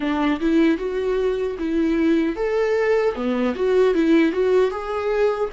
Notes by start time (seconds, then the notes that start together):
0.00 D4
0.40 E4
0.77 F#4
1.58 E4
2.36 A4
3.15 B3
3.55 F#4
3.94 E4
4.32 F#4
4.70 G#4